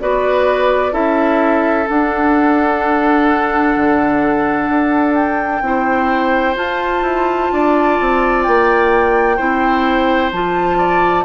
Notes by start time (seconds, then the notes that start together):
0.00 B3 F#4 B4 D5
0.91 C#4 E4 A4 E5
1.89 D4 F#5
3.76 D3
4.69 D4
5.14 G5
5.61 C4 E4 C5
6.55 F4 A5
7.02 E4
7.52 D4 D5
8.00 C4
8.43 A#3 G5
9.36 C4 E4 C5
10.32 F3 F4 A5
10.78 D5